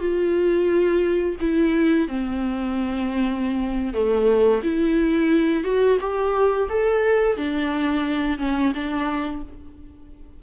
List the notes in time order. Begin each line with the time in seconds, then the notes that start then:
0.00 F4
1.41 E4
2.08 C4
3.94 A3
4.64 E4
5.64 F#4
6.01 G4
6.69 A4
7.37 D4
8.39 C#4
8.75 D4